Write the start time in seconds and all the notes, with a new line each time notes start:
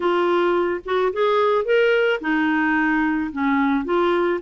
0.00 F4
0.85 F#4
1.12 G#4
1.65 A#4
2.20 D#4
3.32 C#4
3.85 F4